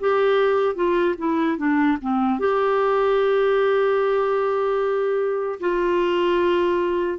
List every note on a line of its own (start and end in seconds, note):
0.00 0.75 G4
0.75 1.15 F4
1.18 1.57 E4
1.57 1.97 D4
2.01 2.39 C4
2.39 5.59 G4
5.60 7.18 F4